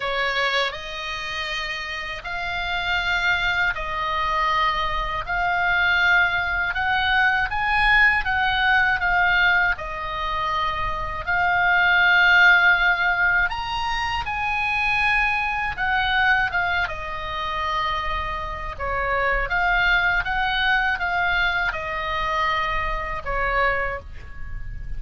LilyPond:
\new Staff \with { instrumentName = "oboe" } { \time 4/4 \tempo 4 = 80 cis''4 dis''2 f''4~ | f''4 dis''2 f''4~ | f''4 fis''4 gis''4 fis''4 | f''4 dis''2 f''4~ |
f''2 ais''4 gis''4~ | gis''4 fis''4 f''8 dis''4.~ | dis''4 cis''4 f''4 fis''4 | f''4 dis''2 cis''4 | }